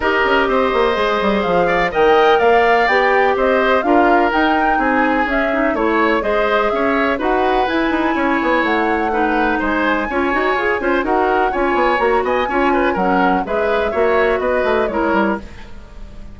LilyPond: <<
  \new Staff \with { instrumentName = "flute" } { \time 4/4 \tempo 4 = 125 dis''2. f''4 | g''4 f''4 g''4 dis''4 | f''4 g''4 gis''4 e''4 | cis''4 dis''4 e''4 fis''4 |
gis''2 fis''2 | gis''2. fis''4 | gis''4 ais''8 gis''4. fis''4 | e''2 dis''4 cis''4 | }
  \new Staff \with { instrumentName = "oboe" } { \time 4/4 ais'4 c''2~ c''8 d''8 | dis''4 d''2 c''4 | ais'2 gis'2 | cis''4 c''4 cis''4 b'4~ |
b'4 cis''2 b'4 | c''4 cis''4. c''8 ais'4 | cis''4. dis''8 cis''8 b'8 ais'4 | b'4 cis''4 b'4 ais'4 | }
  \new Staff \with { instrumentName = "clarinet" } { \time 4/4 g'2 gis'2 | ais'2 g'2 | f'4 dis'2 cis'8 dis'8 | e'4 gis'2 fis'4 |
e'2. dis'4~ | dis'4 f'8 fis'8 gis'8 f'8 fis'4 | f'4 fis'4 f'4 cis'4 | gis'4 fis'2 e'4 | }
  \new Staff \with { instrumentName = "bassoon" } { \time 4/4 dis'8 cis'8 c'8 ais8 gis8 g8 f4 | dis4 ais4 b4 c'4 | d'4 dis'4 c'4 cis'4 | a4 gis4 cis'4 dis'4 |
e'8 dis'8 cis'8 b8 a2 | gis4 cis'8 dis'8 f'8 cis'8 dis'4 | cis'8 b8 ais8 b8 cis'4 fis4 | gis4 ais4 b8 a8 gis8 g8 | }
>>